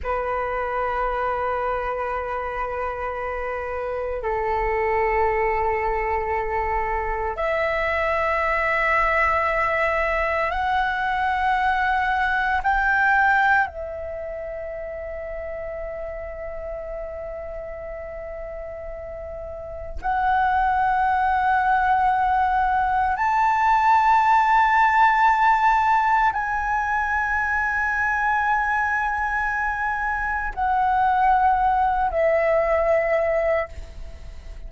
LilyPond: \new Staff \with { instrumentName = "flute" } { \time 4/4 \tempo 4 = 57 b'1 | a'2. e''4~ | e''2 fis''2 | g''4 e''2.~ |
e''2. fis''4~ | fis''2 a''2~ | a''4 gis''2.~ | gis''4 fis''4. e''4. | }